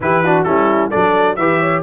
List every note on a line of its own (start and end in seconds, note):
0.00 0.44 E3
0.00 0.24 E4
0.00 0.23 G4
0.00 0.43 B4
0.23 0.45 D4
0.23 0.45 F#4
0.43 0.91 G3
0.43 0.91 C#4
0.43 0.90 E4
0.43 0.89 A4
0.90 1.37 F#3
0.90 1.37 D4
0.90 1.36 A4
0.90 1.36 D5
1.36 1.82 E3
1.36 1.82 G4
1.36 1.59 B4
1.36 1.82 E5
1.59 1.82 C#5